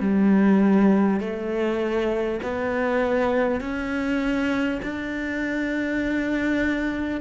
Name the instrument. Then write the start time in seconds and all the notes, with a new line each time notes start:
cello
0.00 G3
1.20 A3
2.42 B3
3.61 C#4
4.82 D4